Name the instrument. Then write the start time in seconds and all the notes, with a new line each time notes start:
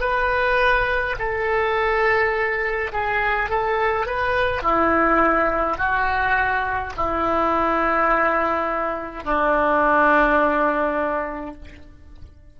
oboe
0.00 B4
1.19 A4
2.92 G#4
3.49 A4
4.06 B4
4.62 E4
5.77 F#4
6.97 E4
9.24 D4